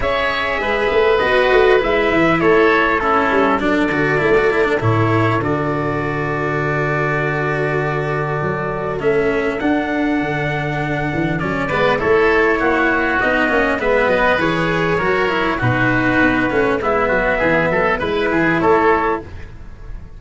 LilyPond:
<<
  \new Staff \with { instrumentName = "trumpet" } { \time 4/4 \tempo 4 = 100 e''2 dis''4 e''4 | cis''4 a'4 d''2 | cis''4 d''2.~ | d''2. e''4 |
fis''2. d''4 | cis''2 dis''4 e''8 dis''8 | cis''2 b'2 | e''2 b'4 cis''4 | }
  \new Staff \with { instrumentName = "oboe" } { \time 4/4 cis''4 b'2. | a'4 e'4 a'2~ | a'1~ | a'1~ |
a'2.~ a'8 b'8 | a'4 fis'2 b'4~ | b'4 ais'4 fis'2 | e'8 fis'8 gis'8 a'8 b'8 gis'8 a'4 | }
  \new Staff \with { instrumentName = "cello" } { \time 4/4 gis'2 fis'4 e'4~ | e'4 cis'4 d'8 fis'8 e'16 fis'16 e'16 d'16 | e'4 fis'2.~ | fis'2. cis'4 |
d'2. cis'8 b8 | e'2 dis'8 cis'8 b4 | gis'4 fis'8 e'8 dis'4. cis'8 | b2 e'2 | }
  \new Staff \with { instrumentName = "tuba" } { \time 4/4 cis'4 gis8 a8 b8 a8 gis8 e8 | a4. g8 fis8 d8 a4 | a,4 d2.~ | d2 fis4 a4 |
d'4 d4. e8 fis8 gis8 | a4 ais4 b8 ais8 gis8 fis8 | e4 fis4 b,4 b8 a8 | gis8 fis8 e8 fis8 gis8 e8 a4 | }
>>